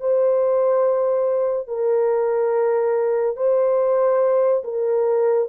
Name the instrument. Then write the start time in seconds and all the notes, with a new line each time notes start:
horn
0.00 C5
1.67 A#4
3.36 C5
4.64 A#4